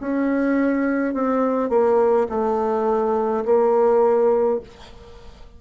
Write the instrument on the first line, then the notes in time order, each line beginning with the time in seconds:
bassoon
0.00 C#4
1.13 C4
1.69 A#3
2.29 A3
3.45 A#3